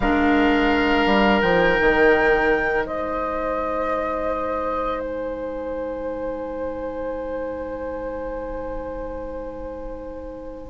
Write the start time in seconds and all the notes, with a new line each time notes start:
0.00 G#3 D4 A#4 F5
1.06 G3
1.41 F3 D#4 G5
1.80 D#3
2.85 G#3 C5 D#5
5.00 G#5